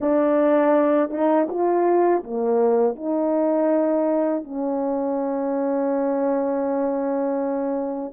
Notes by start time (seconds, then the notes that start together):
0.00 D4
1.10 D#4
1.49 F4
2.23 A#3
2.95 D#4
4.43 C#4